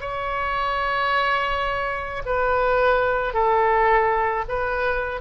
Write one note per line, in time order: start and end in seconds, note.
0.00 2.22 C#5
2.25 3.33 B4
3.33 4.44 A4
4.48 5.21 B4